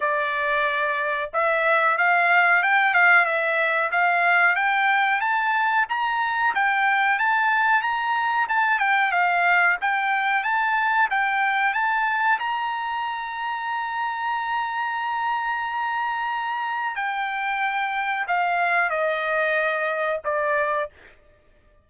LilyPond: \new Staff \with { instrumentName = "trumpet" } { \time 4/4 \tempo 4 = 92 d''2 e''4 f''4 | g''8 f''8 e''4 f''4 g''4 | a''4 ais''4 g''4 a''4 | ais''4 a''8 g''8 f''4 g''4 |
a''4 g''4 a''4 ais''4~ | ais''1~ | ais''2 g''2 | f''4 dis''2 d''4 | }